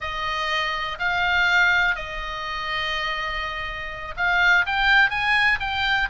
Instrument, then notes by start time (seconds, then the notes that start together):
oboe
0.00 D#5
0.98 F5
1.95 D#5
4.16 F5
4.65 G5
5.10 G#5
5.60 G5